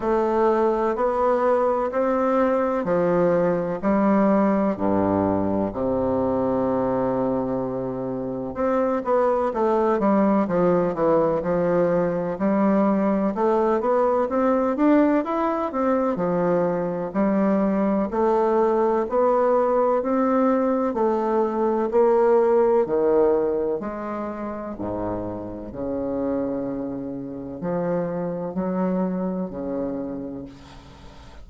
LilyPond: \new Staff \with { instrumentName = "bassoon" } { \time 4/4 \tempo 4 = 63 a4 b4 c'4 f4 | g4 g,4 c2~ | c4 c'8 b8 a8 g8 f8 e8 | f4 g4 a8 b8 c'8 d'8 |
e'8 c'8 f4 g4 a4 | b4 c'4 a4 ais4 | dis4 gis4 gis,4 cis4~ | cis4 f4 fis4 cis4 | }